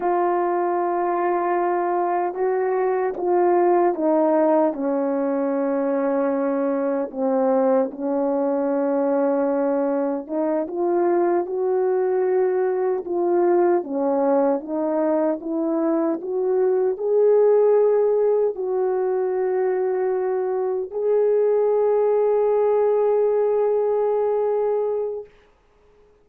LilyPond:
\new Staff \with { instrumentName = "horn" } { \time 4/4 \tempo 4 = 76 f'2. fis'4 | f'4 dis'4 cis'2~ | cis'4 c'4 cis'2~ | cis'4 dis'8 f'4 fis'4.~ |
fis'8 f'4 cis'4 dis'4 e'8~ | e'8 fis'4 gis'2 fis'8~ | fis'2~ fis'8 gis'4.~ | gis'1 | }